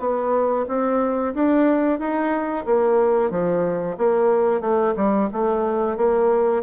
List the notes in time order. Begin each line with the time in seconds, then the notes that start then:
0.00 B3
0.68 C4
1.35 D4
2.00 D#4
2.66 A#3
3.31 F3
3.98 A#3
4.61 A3
4.97 G3
5.33 A3
5.97 A#3